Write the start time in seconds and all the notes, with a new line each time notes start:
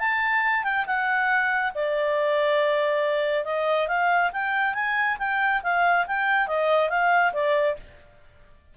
0.00 A5
0.64 G5
0.87 F#5
1.75 D5
3.45 D#5
3.88 F5
4.33 G5
4.75 G#5
5.19 G5
5.63 F5
6.08 G5
6.48 D#5
6.90 F5
7.33 D5